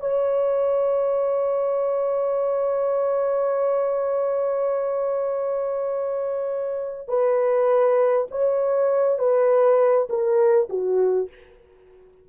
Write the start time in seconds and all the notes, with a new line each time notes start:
0.00 C#5
7.09 B4
8.31 C#5
9.19 B4
10.10 A#4
10.70 F#4